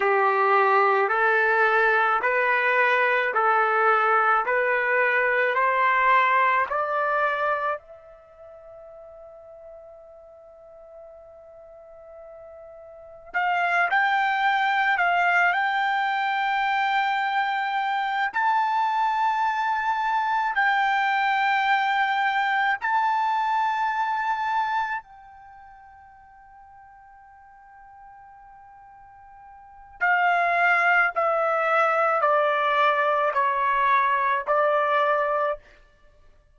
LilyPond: \new Staff \with { instrumentName = "trumpet" } { \time 4/4 \tempo 4 = 54 g'4 a'4 b'4 a'4 | b'4 c''4 d''4 e''4~ | e''1 | f''8 g''4 f''8 g''2~ |
g''8 a''2 g''4.~ | g''8 a''2 g''4.~ | g''2. f''4 | e''4 d''4 cis''4 d''4 | }